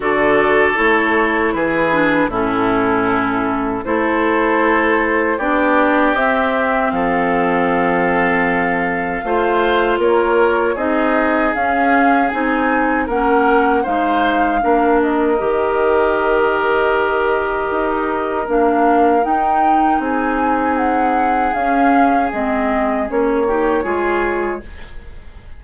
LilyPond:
<<
  \new Staff \with { instrumentName = "flute" } { \time 4/4 \tempo 4 = 78 d''4 cis''4 b'4 a'4~ | a'4 c''2 d''4 | e''4 f''2.~ | f''4 cis''4 dis''4 f''4 |
gis''4 fis''4 f''4. dis''8~ | dis''1 | f''4 g''4 gis''4 fis''4 | f''4 dis''4 cis''2 | }
  \new Staff \with { instrumentName = "oboe" } { \time 4/4 a'2 gis'4 e'4~ | e'4 a'2 g'4~ | g'4 a'2. | c''4 ais'4 gis'2~ |
gis'4 ais'4 c''4 ais'4~ | ais'1~ | ais'2 gis'2~ | gis'2~ gis'8 g'8 gis'4 | }
  \new Staff \with { instrumentName = "clarinet" } { \time 4/4 fis'4 e'4. d'8 cis'4~ | cis'4 e'2 d'4 | c'1 | f'2 dis'4 cis'4 |
dis'4 cis'4 dis'4 d'4 | g'1 | d'4 dis'2. | cis'4 c'4 cis'8 dis'8 f'4 | }
  \new Staff \with { instrumentName = "bassoon" } { \time 4/4 d4 a4 e4 a,4~ | a,4 a2 b4 | c'4 f2. | a4 ais4 c'4 cis'4 |
c'4 ais4 gis4 ais4 | dis2. dis'4 | ais4 dis'4 c'2 | cis'4 gis4 ais4 gis4 | }
>>